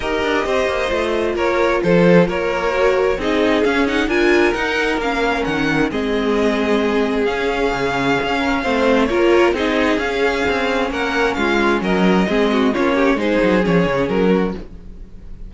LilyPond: <<
  \new Staff \with { instrumentName = "violin" } { \time 4/4 \tempo 4 = 132 dis''2. cis''4 | c''4 cis''2 dis''4 | f''8 fis''8 gis''4 fis''4 f''4 | fis''4 dis''2. |
f''1 | cis''4 dis''4 f''2 | fis''4 f''4 dis''2 | cis''4 c''4 cis''4 ais'4 | }
  \new Staff \with { instrumentName = "violin" } { \time 4/4 ais'4 c''2 ais'4 | a'4 ais'2 gis'4~ | gis'4 ais'2.~ | ais'4 gis'2.~ |
gis'2~ gis'8 ais'8 c''4 | ais'4 gis'2. | ais'4 f'4 ais'4 gis'8 fis'8 | f'8 g'8 gis'2~ gis'8 fis'8 | }
  \new Staff \with { instrumentName = "viola" } { \time 4/4 g'2 f'2~ | f'2 fis'4 dis'4 | cis'8 dis'8 f'4 dis'4 cis'4~ | cis'4 c'2. |
cis'2. c'4 | f'4 dis'4 cis'2~ | cis'2. c'4 | cis'4 dis'4 cis'2 | }
  \new Staff \with { instrumentName = "cello" } { \time 4/4 dis'8 d'8 c'8 ais8 a4 ais4 | f4 ais2 c'4 | cis'4 d'4 dis'4 ais4 | dis4 gis2. |
cis'4 cis4 cis'4 a4 | ais4 c'4 cis'4 c'4 | ais4 gis4 fis4 gis4 | ais4 gis8 fis8 f8 cis8 fis4 | }
>>